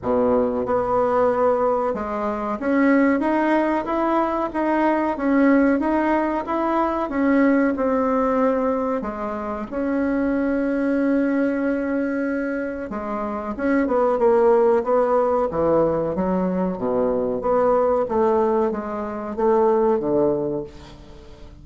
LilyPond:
\new Staff \with { instrumentName = "bassoon" } { \time 4/4 \tempo 4 = 93 b,4 b2 gis4 | cis'4 dis'4 e'4 dis'4 | cis'4 dis'4 e'4 cis'4 | c'2 gis4 cis'4~ |
cis'1 | gis4 cis'8 b8 ais4 b4 | e4 fis4 b,4 b4 | a4 gis4 a4 d4 | }